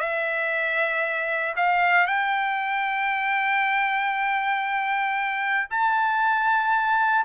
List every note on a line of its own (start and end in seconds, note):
0.00 1.55 E5
1.56 2.07 F5
2.07 5.69 G5
5.70 7.25 A5